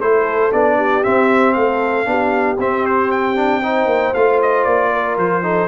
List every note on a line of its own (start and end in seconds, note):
0.00 0.52 A3
0.00 0.52 E4
0.00 0.77 A4
0.00 0.52 C5
0.53 1.05 B3
0.53 1.04 D4
0.53 1.04 D5
0.77 1.55 G4
1.04 2.05 C4
1.04 1.56 C4
1.04 1.53 E5
1.53 2.07 A3
1.53 2.09 A4
1.53 2.57 F5
2.05 2.59 B3
2.05 2.57 D4
2.05 3.65 G4
2.59 3.86 C4
2.59 3.36 C4
2.59 2.86 E5
2.86 3.12 C5
3.12 4.14 G5
3.36 3.62 D4
3.63 4.15 D#4
3.63 4.92 C5
3.86 4.12 A#3
4.14 4.66 A3
4.14 5.43 F4
4.14 4.40 F5
4.42 4.64 D#5
4.64 5.18 A#3
4.64 5.16 D5
4.92 5.43 A#4
5.18 5.68 F3
5.18 5.68 C5
5.43 5.68 D#4
5.43 5.68 A4